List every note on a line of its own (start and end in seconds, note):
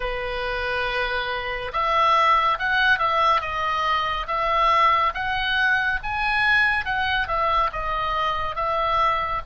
0.00 1.71 B4
1.72 2.58 E5
2.58 2.98 F#5
2.98 3.41 E5
3.41 4.26 D#5
4.27 5.13 E5
5.14 5.99 F#5
6.03 6.85 G#5
6.85 7.27 F#5
7.27 7.70 E5
7.72 8.55 D#5
8.55 9.41 E5